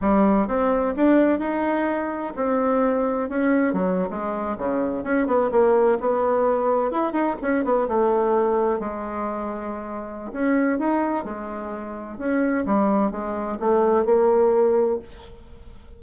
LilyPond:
\new Staff \with { instrumentName = "bassoon" } { \time 4/4 \tempo 4 = 128 g4 c'4 d'4 dis'4~ | dis'4 c'2 cis'4 | fis8. gis4 cis4 cis'8 b8 ais16~ | ais8. b2 e'8 dis'8 cis'16~ |
cis'16 b8 a2 gis4~ gis16~ | gis2 cis'4 dis'4 | gis2 cis'4 g4 | gis4 a4 ais2 | }